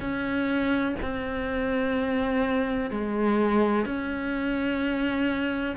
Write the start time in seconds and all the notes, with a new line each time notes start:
0.00 C#4
1.02 C4
2.90 G#3
3.85 C#4